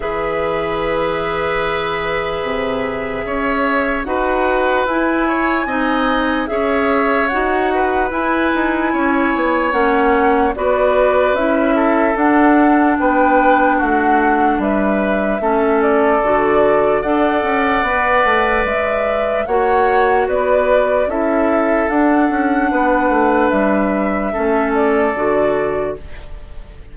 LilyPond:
<<
  \new Staff \with { instrumentName = "flute" } { \time 4/4 \tempo 4 = 74 e''1~ | e''4 fis''4 gis''2 | e''4 fis''4 gis''2 | fis''4 d''4 e''4 fis''4 |
g''4 fis''4 e''4. d''8~ | d''4 fis''2 e''4 | fis''4 d''4 e''4 fis''4~ | fis''4 e''4. d''4. | }
  \new Staff \with { instrumentName = "oboe" } { \time 4/4 b'1 | cis''4 b'4. cis''8 dis''4 | cis''4. b'4. cis''4~ | cis''4 b'4. a'4. |
b'4 fis'4 b'4 a'4~ | a'4 d''2. | cis''4 b'4 a'2 | b'2 a'2 | }
  \new Staff \with { instrumentName = "clarinet" } { \time 4/4 gis'1~ | gis'4 fis'4 e'4 dis'4 | gis'4 fis'4 e'2 | cis'4 fis'4 e'4 d'4~ |
d'2. cis'4 | fis'4 a'4 b'2 | fis'2 e'4 d'4~ | d'2 cis'4 fis'4 | }
  \new Staff \with { instrumentName = "bassoon" } { \time 4/4 e2. c4 | cis'4 dis'4 e'4 c'4 | cis'4 dis'4 e'8 dis'8 cis'8 b8 | ais4 b4 cis'4 d'4 |
b4 a4 g4 a4 | d4 d'8 cis'8 b8 a8 gis4 | ais4 b4 cis'4 d'8 cis'8 | b8 a8 g4 a4 d4 | }
>>